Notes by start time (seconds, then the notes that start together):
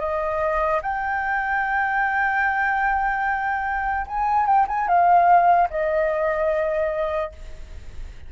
0.00 D#5
0.82 G5
4.08 G#5
4.46 G5
4.68 G#5
4.88 F5
5.70 D#5